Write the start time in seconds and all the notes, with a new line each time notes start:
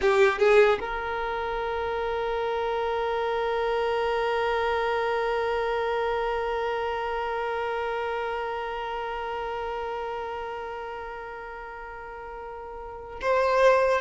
0.01 G4
0.38 G#4
0.80 A#4
13.21 C5